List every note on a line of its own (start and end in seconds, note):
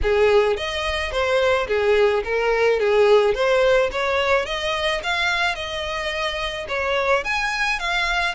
0.02 0.56 G#4
0.56 1.11 D#5
1.11 1.67 C5
1.67 2.23 G#4
2.24 2.79 A#4
2.79 3.34 G#4
3.34 3.90 C5
3.91 4.45 C#5
4.45 5.01 D#5
5.03 5.55 F5
5.55 6.66 D#5
6.68 7.24 C#5
7.24 7.79 G#5
7.79 8.35 F5